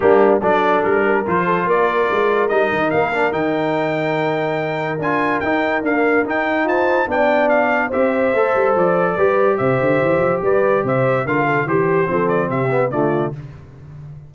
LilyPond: <<
  \new Staff \with { instrumentName = "trumpet" } { \time 4/4 \tempo 4 = 144 g'4 d''4 ais'4 c''4 | d''2 dis''4 f''4 | g''1 | gis''4 g''4 f''4 g''4 |
a''4 g''4 f''4 e''4~ | e''4 d''2 e''4~ | e''4 d''4 e''4 f''4 | c''4. d''8 e''4 d''4 | }
  \new Staff \with { instrumentName = "horn" } { \time 4/4 d'4 a'4. ais'4 a'8 | ais'1~ | ais'1~ | ais'1 |
c''4 d''2 c''4~ | c''2 b'4 c''4~ | c''4 b'4 c''4 ais'8 a'8 | g'4 a'4 g'4 f'4 | }
  \new Staff \with { instrumentName = "trombone" } { \time 4/4 ais4 d'2 f'4~ | f'2 dis'4. d'8 | dis'1 | f'4 dis'4 ais4 dis'4~ |
dis'4 d'2 g'4 | a'2 g'2~ | g'2. f'4 | g'4 c'4. b8 a4 | }
  \new Staff \with { instrumentName = "tuba" } { \time 4/4 g4 fis4 g4 f4 | ais4 gis4 g8 dis8 ais4 | dis1 | d'4 dis'4 d'4 dis'4 |
f'4 b2 c'4 | a8 g8 f4 g4 c8 d8 | e8 f8 g4 c4 d4 | e4 f4 c4 d4 | }
>>